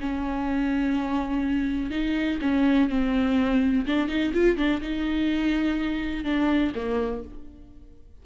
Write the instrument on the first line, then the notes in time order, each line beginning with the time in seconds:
viola
0.00 C#4
1.90 D#4
2.41 C#4
2.89 C4
3.86 D4
4.08 D#4
4.34 F4
4.57 D4
4.81 D#4
6.24 D4
6.75 A#3